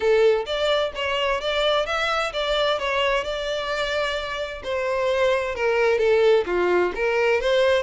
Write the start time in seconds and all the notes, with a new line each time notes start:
0.00 A4
0.46 D5
0.95 C#5
1.40 D5
1.86 E5
2.32 D5
2.79 C#5
3.23 D5
4.63 C5
5.55 A#4
5.98 A4
6.46 F4
6.95 A#4
7.40 C5